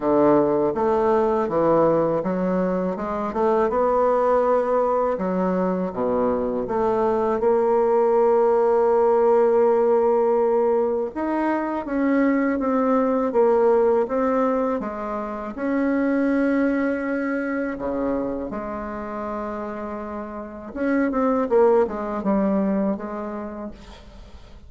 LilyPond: \new Staff \with { instrumentName = "bassoon" } { \time 4/4 \tempo 4 = 81 d4 a4 e4 fis4 | gis8 a8 b2 fis4 | b,4 a4 ais2~ | ais2. dis'4 |
cis'4 c'4 ais4 c'4 | gis4 cis'2. | cis4 gis2. | cis'8 c'8 ais8 gis8 g4 gis4 | }